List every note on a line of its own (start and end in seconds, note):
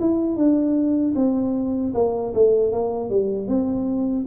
0.00 0.36 E4
0.36 1.14 D4
1.15 1.93 C4
1.94 2.33 A#3
2.34 2.72 A3
2.72 3.10 A#3
3.10 3.48 G3
3.48 4.26 C4